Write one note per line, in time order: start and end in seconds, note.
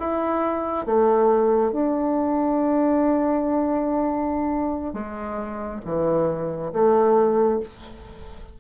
0.00 0.86 E4
0.86 1.73 A3
1.73 4.94 D4
4.94 5.81 G#3
5.86 6.73 E3
6.73 7.60 A3